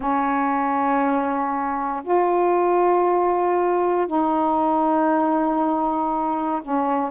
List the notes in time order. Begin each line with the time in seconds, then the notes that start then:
0.00 C#4
2.03 F4
4.07 D#4
6.61 C#4